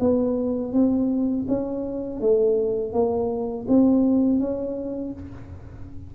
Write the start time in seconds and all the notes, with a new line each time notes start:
0.00 B3
0.73 C4
1.48 C#4
2.21 A3
2.93 A#3
3.68 C4
4.39 C#4